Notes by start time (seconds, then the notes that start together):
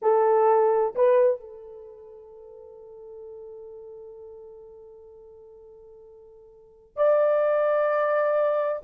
0.01 A4
0.95 B4
1.40 A4
6.96 D5